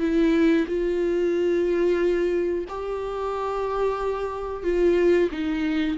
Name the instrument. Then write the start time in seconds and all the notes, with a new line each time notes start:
viola
0.00 E4
0.67 F4
2.69 G4
4.64 F4
5.31 D#4